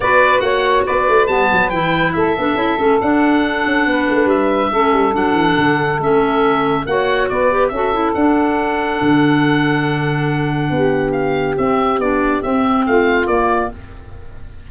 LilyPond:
<<
  \new Staff \with { instrumentName = "oboe" } { \time 4/4 \tempo 4 = 140 d''4 fis''4 d''4 a''4 | g''4 e''2 fis''4~ | fis''2 e''2 | fis''2 e''2 |
fis''4 d''4 e''4 fis''4~ | fis''1~ | fis''2 f''4 e''4 | d''4 e''4 f''4 d''4 | }
  \new Staff \with { instrumentName = "saxophone" } { \time 4/4 b'4 cis''4 b'2~ | b'4 a'2.~ | a'4 b'2 a'4~ | a'1 |
cis''4 b'4 a'2~ | a'1~ | a'4 g'2.~ | g'2 f'2 | }
  \new Staff \with { instrumentName = "clarinet" } { \time 4/4 fis'2. b4 | e'4. d'8 e'8 cis'8 d'4~ | d'2. cis'4 | d'2 cis'2 |
fis'4. g'8 fis'8 e'8 d'4~ | d'1~ | d'2. c'4 | d'4 c'2 ais4 | }
  \new Staff \with { instrumentName = "tuba" } { \time 4/4 b4 ais4 b8 a8 g8 fis8 | e4 a8 b8 cis'8 a8 d'4~ | d'8 cis'8 b8 a8 g4 a8 g8 | fis8 e8 d4 a2 |
ais4 b4 cis'4 d'4~ | d'4 d2.~ | d4 b2 c'4 | b4 c'4 a4 ais4 | }
>>